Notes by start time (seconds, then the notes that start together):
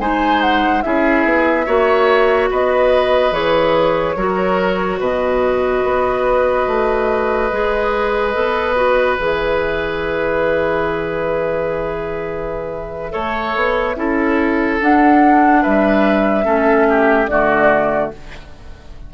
0.00 G#3 D#4 C5 G#5
0.42 F#5
0.82 C#4 E4 G#4 E5
1.25 B3
1.66 A#3 F#4 C#5
2.51 B3 B4 D#5
3.32 E3 G#4 C#5
4.16 F#3 F#4 A#4
5.00 B2 B4 D#5
5.84 B3
6.67 A3
7.52 G#3 G#4
8.34 B3 A4
8.76 F#4
9.17 E3 G#4 E5
13.11 A3 A4 C#5
13.56 B3
13.96 C#4 E4 A4
14.81 D4 F#5
15.62 G3 B4 E5
16.45 A3 C#4 A4
16.90 G4
17.27 D3 A3 F#4 D5